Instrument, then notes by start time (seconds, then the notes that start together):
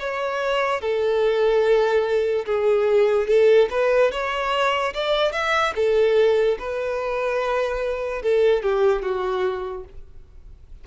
violin
0.00 C#5
0.81 A4
2.46 G#4
3.28 A4
3.71 B4
4.12 C#5
4.94 D5
5.32 E5
5.76 A4
6.59 B4
8.22 A4
8.63 G4
9.03 F#4